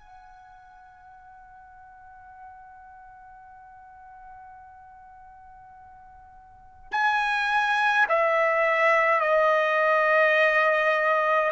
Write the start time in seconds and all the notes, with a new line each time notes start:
0.00 F#5
6.92 G#5
8.09 E5
9.21 D#5